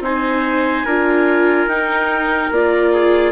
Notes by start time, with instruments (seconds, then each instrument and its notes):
0.00 bassoon C4, viola D#4, trumpet C5, clarinet G#5
0.85 bassoon D4, viola F4, trumpet A#4
1.66 bassoon D#4, viola D#4, clarinet G5
2.51 bassoon A#3, viola F4, clarinet D5
2.94 trumpet G#4